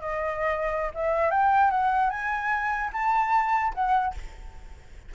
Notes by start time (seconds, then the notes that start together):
0.00 D#5
0.94 E5
1.30 G5
1.71 F#5
2.09 G#5
2.92 A5
3.74 F#5